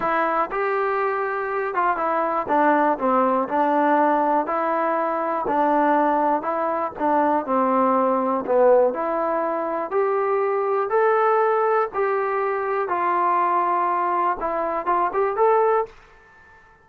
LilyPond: \new Staff \with { instrumentName = "trombone" } { \time 4/4 \tempo 4 = 121 e'4 g'2~ g'8 f'8 | e'4 d'4 c'4 d'4~ | d'4 e'2 d'4~ | d'4 e'4 d'4 c'4~ |
c'4 b4 e'2 | g'2 a'2 | g'2 f'2~ | f'4 e'4 f'8 g'8 a'4 | }